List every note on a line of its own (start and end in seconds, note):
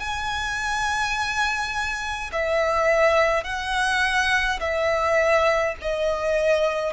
0.00 2.31 G#5
2.32 3.44 E5
3.44 4.59 F#5
4.60 5.75 E5
5.82 6.93 D#5